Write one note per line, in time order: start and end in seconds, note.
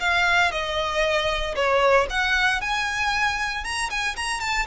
0.00 0.52 F5
0.52 1.55 D#5
1.55 2.07 C#5
2.10 2.61 F#5
2.61 3.64 G#5
3.64 3.90 A#5
3.90 4.16 G#5
4.16 4.40 A#5
4.40 4.66 A5